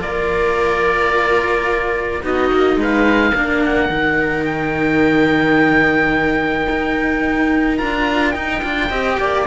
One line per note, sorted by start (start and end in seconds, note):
0.00 2.22 A#3
0.00 2.22 F4
0.00 2.23 A#4
0.00 2.24 D5
2.23 2.51 B3
2.23 3.34 D#4
2.23 2.80 F#4
2.23 2.80 D#5
2.53 2.76 A#3
2.76 3.32 G#3
2.76 3.33 B4
2.82 3.64 F5
3.33 3.89 A#3
3.33 3.91 D4
3.33 8.89 A#4
3.64 4.45 F#5
3.89 6.67 D#3
3.89 7.78 D#4
4.45 7.78 G5
6.70 7.81 D#4
7.78 8.35 D4
7.78 8.34 F4
7.78 8.31 A#5
8.31 8.61 D#4
8.31 8.63 D#4
8.31 9.42 G5
8.62 8.90 D4
8.62 8.90 F4
8.90 9.18 C4
8.90 9.46 G4
8.90 9.18 D#5
9.20 9.47 A#3
9.20 9.47 D5